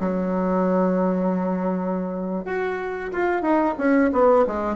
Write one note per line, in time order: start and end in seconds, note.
0.00 2.45 F#3
2.45 3.11 F#4
3.13 3.42 F4
3.42 3.75 D#4
3.78 4.11 C#4
4.13 4.46 B3
4.47 4.76 G#3